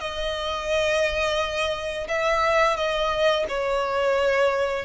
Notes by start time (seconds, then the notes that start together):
0.00 D#5
2.08 E5
2.76 D#5
3.48 C#5